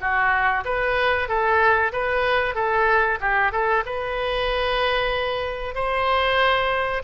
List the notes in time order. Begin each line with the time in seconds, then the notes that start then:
0.00 F#4
0.64 B4
1.28 A4
1.92 B4
2.55 A4
3.20 G4
3.52 A4
3.85 B4
5.75 C5